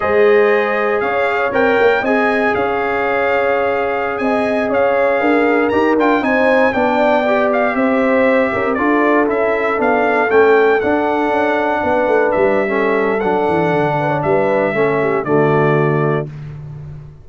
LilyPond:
<<
  \new Staff \with { instrumentName = "trumpet" } { \time 4/4 \tempo 4 = 118 dis''2 f''4 g''4 | gis''4 f''2.~ | f''16 gis''4 f''2 ais''8 g''16~ | g''16 gis''4 g''4. f''8 e''8.~ |
e''4~ e''16 d''4 e''4 f''8.~ | f''16 g''4 fis''2~ fis''8.~ | fis''16 e''4.~ e''16 fis''2 | e''2 d''2 | }
  \new Staff \with { instrumentName = "horn" } { \time 4/4 c''2 cis''2 | dis''4 cis''2.~ | cis''16 dis''4 cis''4 ais'4.~ ais'16~ | ais'16 c''4 d''2 c''8.~ |
c''8. ais'8 a'2~ a'8.~ | a'2.~ a'16 b'8.~ | b'4 a'2~ a'8 b'16 cis''16 | b'4 a'8 g'8 fis'2 | }
  \new Staff \with { instrumentName = "trombone" } { \time 4/4 gis'2. ais'4 | gis'1~ | gis'2.~ gis'16 g'8 f'16~ | f'16 dis'4 d'4 g'4.~ g'16~ |
g'4~ g'16 f'4 e'4 d'8.~ | d'16 cis'4 d'2~ d'8.~ | d'4 cis'4 d'2~ | d'4 cis'4 a2 | }
  \new Staff \with { instrumentName = "tuba" } { \time 4/4 gis2 cis'4 c'8 ais8 | c'4 cis'2.~ | cis'16 c'4 cis'4 d'4 dis'8 d'16~ | d'16 c'4 b2 c'8.~ |
c'8. cis'16 c'16 d'4 cis'4 b8.~ | b16 a4 d'4 cis'4 b8 a16~ | a16 g4.~ g16 fis8 e8 d4 | g4 a4 d2 | }
>>